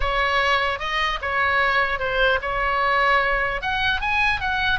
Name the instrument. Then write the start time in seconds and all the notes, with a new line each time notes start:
oboe
0.00 C#5
0.79 D#5
1.21 C#5
1.99 C5
2.41 C#5
3.61 F#5
4.01 G#5
4.40 F#5